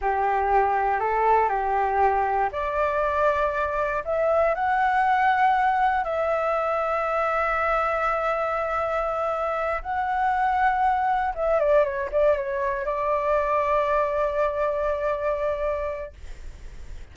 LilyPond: \new Staff \with { instrumentName = "flute" } { \time 4/4 \tempo 4 = 119 g'2 a'4 g'4~ | g'4 d''2. | e''4 fis''2. | e''1~ |
e''2.~ e''8 fis''8~ | fis''2~ fis''8 e''8 d''8 cis''8 | d''8 cis''4 d''2~ d''8~ | d''1 | }